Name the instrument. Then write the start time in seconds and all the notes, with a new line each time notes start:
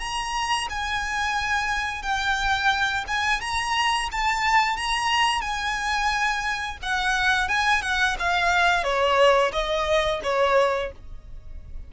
violin
0.00 A#5
0.70 G#5
2.03 G5
3.08 G#5
3.41 A#5
4.12 A5
4.77 A#5
5.41 G#5
6.83 F#5
7.49 G#5
7.83 F#5
8.20 F5
8.84 C#5
9.53 D#5
10.24 C#5